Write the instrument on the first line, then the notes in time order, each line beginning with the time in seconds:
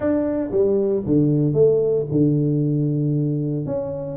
tuba
0.00 D4
0.51 G3
1.06 D3
1.53 A3
2.11 D3
3.66 C#4